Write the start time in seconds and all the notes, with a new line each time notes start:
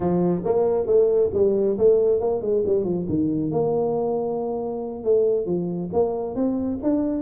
0.00 F3
0.44 A#3
0.86 A3
1.33 G3
1.77 A3
2.20 A#3
2.41 G#3
2.65 G3
2.84 F3
3.08 D#3
3.51 A#3
5.03 A3
5.45 F3
5.92 A#3
6.35 C4
6.82 D4